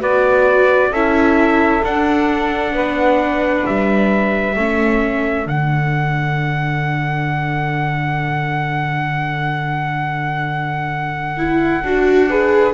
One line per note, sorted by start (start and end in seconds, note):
0.00 0.91 B3
0.00 0.91 F#4
0.00 0.90 B4
0.00 0.93 D5
0.90 1.82 C#4
0.90 1.83 E4
0.90 2.72 A4
0.90 1.84 E5
1.83 4.56 D4
1.83 2.73 D4
1.83 3.66 F#5
2.73 3.64 B3
2.73 4.57 B4
3.66 4.57 G3
3.66 5.48 E5
4.57 5.46 A3
4.57 5.46 C#4
4.57 12.29 A4
5.46 11.83 D3
5.46 11.37 D4
5.46 12.74 F#5
11.37 11.83 E4
11.83 12.74 D4
11.83 12.30 F#4
12.29 12.74 G#4
12.29 12.74 B4